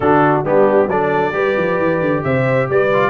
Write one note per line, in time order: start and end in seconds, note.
0.00 0.40 D3
0.00 0.44 D4
0.00 0.46 F#4
0.00 0.41 A4
0.44 0.87 G3
0.44 0.89 B3
0.44 0.88 D4
0.44 0.89 G4
0.87 1.32 F#3
0.87 1.32 D4
0.87 1.33 A4
0.87 2.24 D5
1.32 1.55 G3
1.32 2.89 G4
1.32 2.23 B4
1.56 1.78 F3
1.78 2.00 E3
2.00 2.23 D3
2.24 2.68 C3
2.24 2.69 C5
2.24 2.68 E5
2.69 3.09 G3
2.69 3.09 B4
2.69 3.09 D5
2.93 3.09 F4